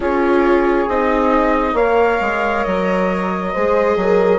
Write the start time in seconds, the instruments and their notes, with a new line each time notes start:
0.00 bassoon C#4, viola F4, horn G#4, flute C#5
0.88 bassoon C4, viola D#4, flute D#5
1.73 bassoon A#3, viola A#4, horn C#5, flute F5
2.20 bassoon G#3
2.63 bassoon F#3, flute D#5
3.52 bassoon G#3, viola G#4, horn C5
3.96 bassoon F#3, horn A#4